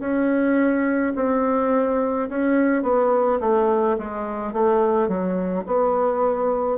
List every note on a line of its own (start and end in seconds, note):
0.00 1.13 C#4
1.15 2.28 C4
2.29 2.83 C#4
2.83 3.40 B3
3.40 3.97 A3
3.98 4.53 G#3
4.53 5.08 A3
5.08 5.65 F#3
5.67 6.78 B3